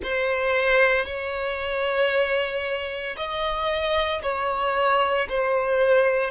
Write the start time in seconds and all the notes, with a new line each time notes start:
0.02 C5
1.05 C#5
3.16 D#5
4.22 C#5
5.29 C5